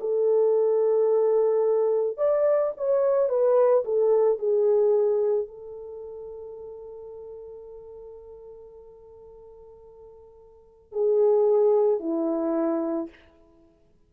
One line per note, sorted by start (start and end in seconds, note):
0.00 2.17 A4
2.17 2.72 D5
2.77 3.29 C#5
3.29 3.83 B4
3.84 4.38 A4
4.38 5.47 G#4
5.47 10.92 A4
10.92 12.00 G#4
12.00 13.09 E4